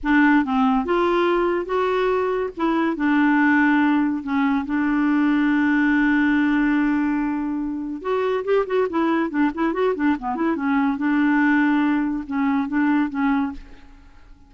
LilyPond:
\new Staff \with { instrumentName = "clarinet" } { \time 4/4 \tempo 4 = 142 d'4 c'4 f'2 | fis'2 e'4 d'4~ | d'2 cis'4 d'4~ | d'1~ |
d'2. fis'4 | g'8 fis'8 e'4 d'8 e'8 fis'8 d'8 | b8 e'8 cis'4 d'2~ | d'4 cis'4 d'4 cis'4 | }